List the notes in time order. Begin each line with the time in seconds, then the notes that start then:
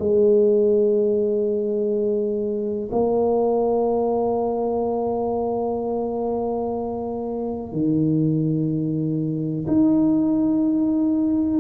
0.00 G#3
2.92 A#3
7.72 D#3
9.68 D#4